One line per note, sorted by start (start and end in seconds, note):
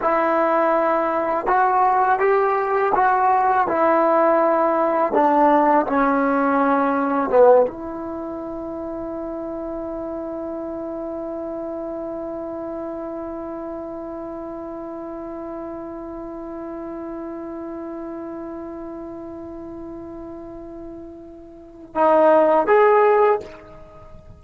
0.01 1.46 E4
1.46 2.19 F#4
2.19 2.92 G4
2.94 3.67 F#4
3.67 5.12 E4
5.12 5.85 D4
5.86 7.29 C#4
7.29 7.66 B3
7.67 21.94 E4
21.94 22.67 D#4
22.67 23.40 G#4